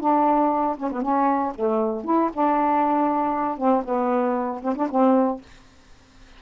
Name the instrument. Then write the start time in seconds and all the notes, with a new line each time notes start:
saxophone
0.00 D4
0.78 C#4
0.92 B3
1.02 C#4
1.55 A3
2.05 E4
2.33 D4
3.58 C4
3.85 B3
4.62 C4
4.76 D4
4.90 C4